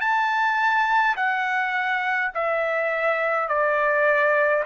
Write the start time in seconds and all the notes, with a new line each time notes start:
0.00 A5
1.16 F#5
2.34 E5
3.48 D5